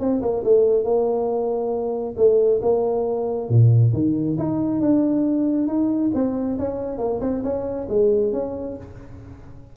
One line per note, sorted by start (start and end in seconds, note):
0.00 0.22 C4
0.22 0.44 A#3
0.44 0.84 A3
0.84 2.15 A#3
2.17 2.61 A3
2.62 3.49 A#3
3.49 3.93 A#2
3.93 4.37 D#3
4.38 4.81 D#4
4.81 5.68 D4
5.68 6.11 D#4
6.14 6.58 C4
6.59 6.99 C#4
6.99 7.21 A#3
7.21 7.43 C4
7.44 7.88 C#4
7.89 8.33 G#3
8.33 8.77 C#4